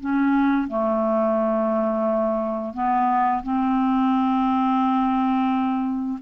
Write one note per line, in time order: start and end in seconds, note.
0.00 0.67 C#4
0.67 2.73 A3
2.73 3.42 B3
3.43 6.18 C4